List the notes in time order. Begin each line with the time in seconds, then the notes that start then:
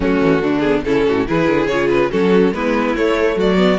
0.00 F#3 A3 C#4 F#4
0.20 E3
0.41 D3 D4
0.59 B3 G#4
0.84 C#3 C#4 E4 A4
1.07 A2 F#4
1.26 E3 E4 G#4 B4
1.47 D3
1.67 C#3 F4 C#5
1.90 B4
2.10 F#3 C#4 F#4 A4
2.51 G#3 B3 E4 B4
2.96 A3 C#5
3.35 F#3 F#4 D5
3.56 B3